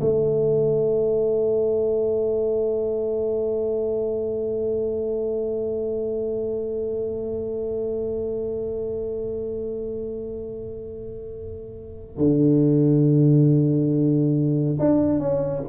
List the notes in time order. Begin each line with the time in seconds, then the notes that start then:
0.00 A3
12.17 D3
14.79 D4
15.19 C#4